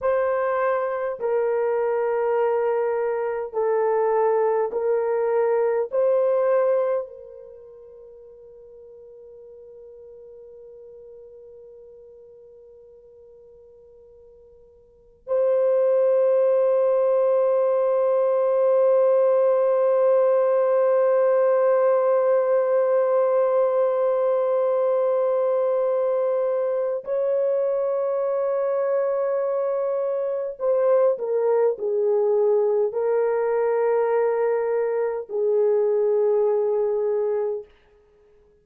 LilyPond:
\new Staff \with { instrumentName = "horn" } { \time 4/4 \tempo 4 = 51 c''4 ais'2 a'4 | ais'4 c''4 ais'2~ | ais'1~ | ais'4 c''2.~ |
c''1~ | c''2. cis''4~ | cis''2 c''8 ais'8 gis'4 | ais'2 gis'2 | }